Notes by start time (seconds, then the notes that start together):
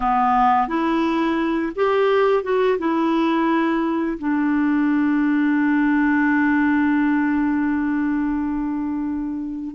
0.00 B3
0.68 E4
1.75 G4
2.43 F#4
2.78 E4
4.18 D4